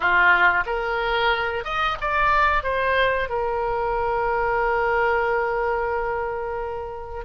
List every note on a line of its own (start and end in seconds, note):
0.00 0.64 F4
0.66 1.64 A#4
1.64 1.97 D#5
2.00 2.63 D5
2.63 3.29 C5
3.29 7.24 A#4